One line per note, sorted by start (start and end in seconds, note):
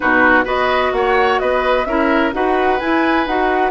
0.00 0.45 B2
0.00 0.43 D#4
0.00 0.44 F#4
0.00 0.45 B4
0.44 0.92 B3
0.44 1.84 F#4
0.44 0.91 B4
0.44 0.93 D#5
0.92 1.39 A#3
0.92 1.41 C#5
0.92 1.39 F#5
1.39 1.86 B3
1.39 1.87 B4
1.39 1.84 D#5
1.84 2.32 C#4
1.84 2.32 E4
1.84 2.34 A#4
1.84 2.31 E5
2.32 2.80 D#4
2.32 2.78 F#4
2.32 3.71 B4
2.32 2.79 F#5
2.79 3.26 E4
2.79 3.27 E4
2.79 3.26 G#5
3.26 3.71 D#4
3.26 3.71 F#4
3.26 3.71 F#5